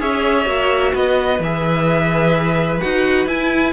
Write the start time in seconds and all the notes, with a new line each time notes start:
0.00 C#4 G#4 C#5 E5
0.46 A#3 F#4
0.93 B3 B4 D#5
1.40 E3 G#4 E5
2.81 D#4 F#4 F#5
3.27 E4 G#5